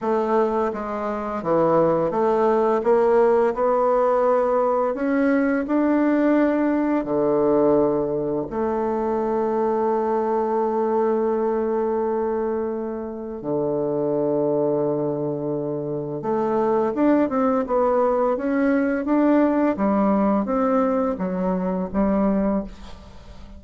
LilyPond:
\new Staff \with { instrumentName = "bassoon" } { \time 4/4 \tempo 4 = 85 a4 gis4 e4 a4 | ais4 b2 cis'4 | d'2 d2 | a1~ |
a2. d4~ | d2. a4 | d'8 c'8 b4 cis'4 d'4 | g4 c'4 fis4 g4 | }